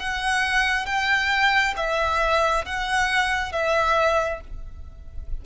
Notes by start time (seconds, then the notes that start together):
0.00 F#5
0.86 G5
1.77 E5
2.66 F#5
3.53 E5